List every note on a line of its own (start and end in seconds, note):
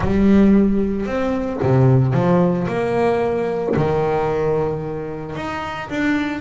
0.00 1.06 G3
1.06 1.59 C4
1.62 2.13 C3
2.13 2.67 F3
2.67 3.75 A#3
3.76 5.35 D#3
5.35 5.89 D#4
5.89 6.40 D4